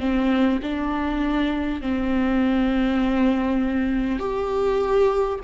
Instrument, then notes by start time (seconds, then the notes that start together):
viola
0.00 C4
0.63 D4
1.82 C4
4.19 G4